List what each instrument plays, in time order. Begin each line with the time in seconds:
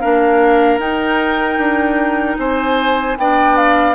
0.00 bassoon A#3, clarinet D4, oboe A#4, flute F5
0.79 bassoon D#4, clarinet D#4, flute G5
1.58 bassoon D4
2.38 bassoon C4, oboe C5, flute G#5
3.18 bassoon B3, clarinet D4, oboe D5, flute G5
3.57 flute F5